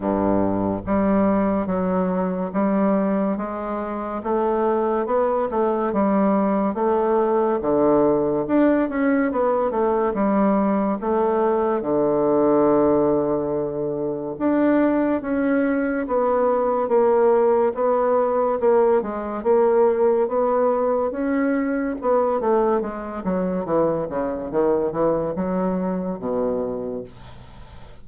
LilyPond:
\new Staff \with { instrumentName = "bassoon" } { \time 4/4 \tempo 4 = 71 g,4 g4 fis4 g4 | gis4 a4 b8 a8 g4 | a4 d4 d'8 cis'8 b8 a8 | g4 a4 d2~ |
d4 d'4 cis'4 b4 | ais4 b4 ais8 gis8 ais4 | b4 cis'4 b8 a8 gis8 fis8 | e8 cis8 dis8 e8 fis4 b,4 | }